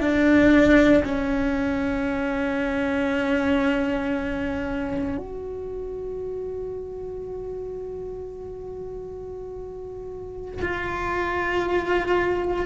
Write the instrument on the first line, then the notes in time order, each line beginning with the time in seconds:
cello
0.00 D4
1.04 C#4
5.17 F#4
10.61 F4